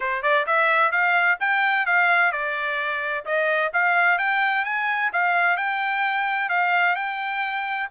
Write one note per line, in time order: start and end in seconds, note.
0.00 0.22 C5
0.22 0.45 D5
0.46 0.91 E5
0.91 1.38 F5
1.40 1.86 G5
1.86 2.32 F5
2.32 3.25 D5
3.25 3.71 D#5
3.73 4.18 F5
4.18 4.64 G5
4.64 5.11 G#5
5.12 5.56 F5
5.56 6.49 G5
6.49 6.95 F5
6.95 7.88 G5